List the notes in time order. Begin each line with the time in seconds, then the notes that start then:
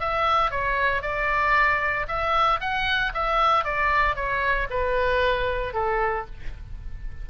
0.00 E5
0.51 C#5
1.02 D5
2.08 E5
2.60 F#5
3.14 E5
3.64 D5
4.16 C#5
4.70 B4
5.74 A4